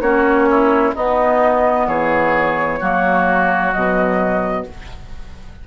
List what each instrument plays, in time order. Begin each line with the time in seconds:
0.00 bassoon A#3, clarinet C#4, oboe F#4, flute C#5
0.50 oboe E4
0.94 bassoon B3, clarinet B3, oboe D#4, flute D#5
1.87 bassoon E3, oboe G#4, flute C#5
2.79 bassoon F#3, clarinet A#3, oboe F#4
3.72 bassoon B2, clarinet F#3, flute D#5